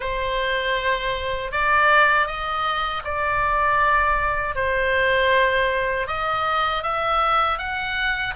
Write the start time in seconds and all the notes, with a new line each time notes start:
0.00 C5
1.51 D5
2.26 D#5
3.04 D5
4.55 C5
6.07 D#5
6.83 E5
7.58 F#5